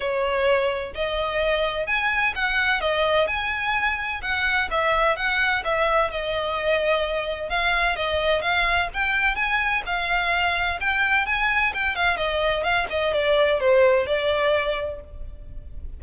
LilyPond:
\new Staff \with { instrumentName = "violin" } { \time 4/4 \tempo 4 = 128 cis''2 dis''2 | gis''4 fis''4 dis''4 gis''4~ | gis''4 fis''4 e''4 fis''4 | e''4 dis''2. |
f''4 dis''4 f''4 g''4 | gis''4 f''2 g''4 | gis''4 g''8 f''8 dis''4 f''8 dis''8 | d''4 c''4 d''2 | }